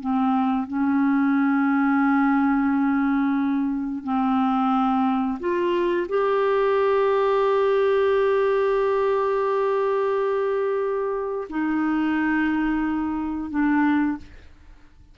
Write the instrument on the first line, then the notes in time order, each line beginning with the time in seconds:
clarinet
0.00 C4
0.67 C#4
4.04 C4
5.40 F4
6.08 G4
11.49 D#4
13.50 D4